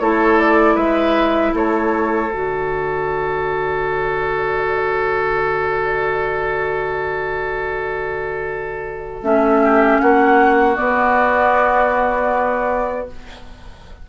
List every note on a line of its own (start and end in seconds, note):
0.00 0.76 A3
0.00 2.30 E4
0.00 0.75 A4
0.00 0.38 C#5
0.38 0.77 D5
0.75 1.53 G#3
0.75 1.52 B4
0.75 1.54 E5
1.54 2.30 A3
1.54 9.62 A4
1.54 2.31 C#5
2.30 9.22 D3
2.30 9.22 F#4
2.30 9.23 D5
9.22 9.99 A3
9.22 10.76 C#4
9.22 10.00 E5
9.63 10.01 G4
10.00 10.79 A#3
10.00 13.09 F#4
10.00 10.76 F#5
10.76 13.07 B3
10.76 13.09 B3
10.76 13.07 D5